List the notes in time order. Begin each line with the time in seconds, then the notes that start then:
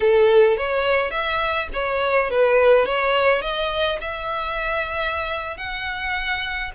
0.00 A4
0.57 C#5
1.10 E5
1.73 C#5
2.30 B4
2.85 C#5
3.41 D#5
4.01 E5
5.57 F#5